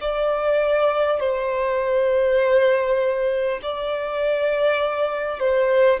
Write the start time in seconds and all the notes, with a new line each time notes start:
0.00 D5
1.20 C5
3.62 D5
5.39 C5